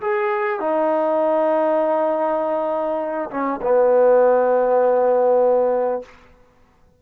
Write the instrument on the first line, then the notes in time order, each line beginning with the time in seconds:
trombone
0.00 G#4
0.60 D#4
3.30 C#4
3.62 B3